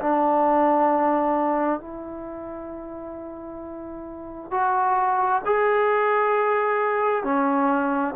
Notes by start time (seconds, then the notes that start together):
0.00 D4
1.79 E4
4.50 F#4
5.45 G#4
7.24 C#4